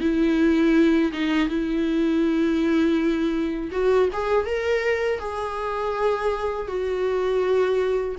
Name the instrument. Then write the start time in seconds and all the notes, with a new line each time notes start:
viola
0.00 E4
1.12 D#4
1.48 E4
3.71 F#4
4.12 G#4
4.45 A#4
5.19 G#4
6.67 F#4